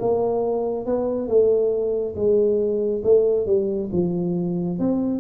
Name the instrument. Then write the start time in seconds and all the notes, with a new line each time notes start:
tuba
0.00 A#3
0.86 B3
1.28 A3
2.16 G#3
3.04 A3
3.47 G3
3.92 F3
4.79 C4